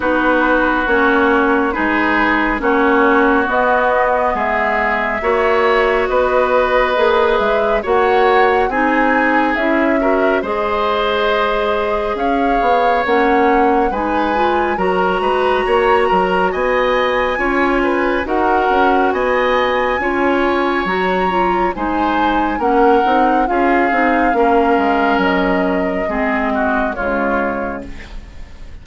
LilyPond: <<
  \new Staff \with { instrumentName = "flute" } { \time 4/4 \tempo 4 = 69 b'4 cis''4 b'4 cis''4 | dis''4 e''2 dis''4~ | dis''8 e''8 fis''4 gis''4 e''4 | dis''2 f''4 fis''4 |
gis''4 ais''2 gis''4~ | gis''4 fis''4 gis''2 | ais''4 gis''4 fis''4 f''4~ | f''4 dis''2 cis''4 | }
  \new Staff \with { instrumentName = "oboe" } { \time 4/4 fis'2 gis'4 fis'4~ | fis'4 gis'4 cis''4 b'4~ | b'4 cis''4 gis'4. ais'8 | c''2 cis''2 |
b'4 ais'8 b'8 cis''8 ais'8 dis''4 | cis''8 b'8 ais'4 dis''4 cis''4~ | cis''4 c''4 ais'4 gis'4 | ais'2 gis'8 fis'8 f'4 | }
  \new Staff \with { instrumentName = "clarinet" } { \time 4/4 dis'4 cis'4 dis'4 cis'4 | b2 fis'2 | gis'4 fis'4 dis'4 e'8 fis'8 | gis'2. cis'4 |
dis'8 f'8 fis'2. | f'4 fis'2 f'4 | fis'8 f'8 dis'4 cis'8 dis'8 f'8 dis'8 | cis'2 c'4 gis4 | }
  \new Staff \with { instrumentName = "bassoon" } { \time 4/4 b4 ais4 gis4 ais4 | b4 gis4 ais4 b4 | ais8 gis8 ais4 c'4 cis'4 | gis2 cis'8 b8 ais4 |
gis4 fis8 gis8 ais8 fis8 b4 | cis'4 dis'8 cis'8 b4 cis'4 | fis4 gis4 ais8 c'8 cis'8 c'8 | ais8 gis8 fis4 gis4 cis4 | }
>>